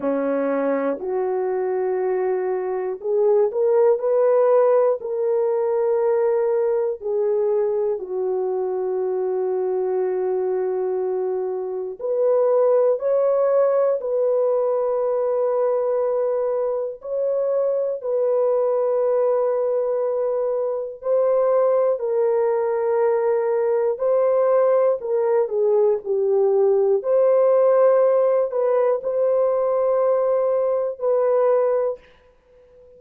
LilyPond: \new Staff \with { instrumentName = "horn" } { \time 4/4 \tempo 4 = 60 cis'4 fis'2 gis'8 ais'8 | b'4 ais'2 gis'4 | fis'1 | b'4 cis''4 b'2~ |
b'4 cis''4 b'2~ | b'4 c''4 ais'2 | c''4 ais'8 gis'8 g'4 c''4~ | c''8 b'8 c''2 b'4 | }